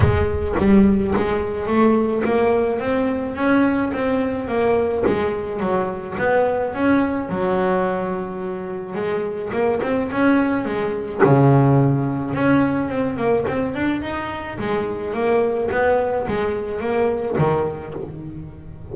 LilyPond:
\new Staff \with { instrumentName = "double bass" } { \time 4/4 \tempo 4 = 107 gis4 g4 gis4 a4 | ais4 c'4 cis'4 c'4 | ais4 gis4 fis4 b4 | cis'4 fis2. |
gis4 ais8 c'8 cis'4 gis4 | cis2 cis'4 c'8 ais8 | c'8 d'8 dis'4 gis4 ais4 | b4 gis4 ais4 dis4 | }